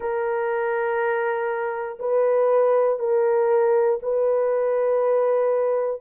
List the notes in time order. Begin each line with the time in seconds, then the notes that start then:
0.00 A#4
1.99 B4
2.99 A#4
4.02 B4